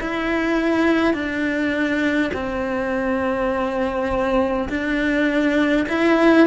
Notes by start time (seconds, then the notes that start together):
0.00 E4
1.13 D4
2.34 C4
4.70 D4
5.89 E4